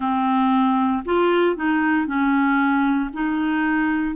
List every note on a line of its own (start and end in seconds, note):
0.00 1.03 C4
1.05 1.56 F4
1.56 2.06 D#4
2.06 3.09 C#4
3.13 4.15 D#4